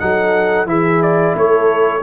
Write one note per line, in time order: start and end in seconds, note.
0.00 0.66 F#3
0.00 0.67 D#4
0.00 0.69 A4
0.00 0.67 F#5
0.66 1.33 E3
0.66 2.02 E4
0.66 1.36 G#4
0.66 1.03 E5
1.03 1.36 D5
1.36 2.03 A3
1.36 2.04 A4
1.36 2.04 C#5